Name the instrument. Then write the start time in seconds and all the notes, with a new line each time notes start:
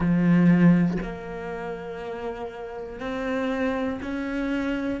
cello
0.00 F3
1.02 A#3
3.00 C4
4.02 C#4